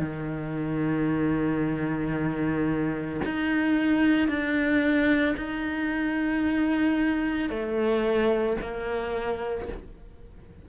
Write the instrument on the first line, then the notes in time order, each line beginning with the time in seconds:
cello
0.00 D#3
3.25 D#4
4.28 D4
5.37 D#4
7.50 A3
8.62 A#3